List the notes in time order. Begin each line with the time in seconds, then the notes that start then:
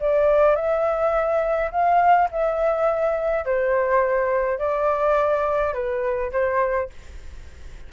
0.00 D5
0.56 E5
1.71 F5
2.32 E5
3.45 C5
4.59 D5
5.74 B4
6.32 C5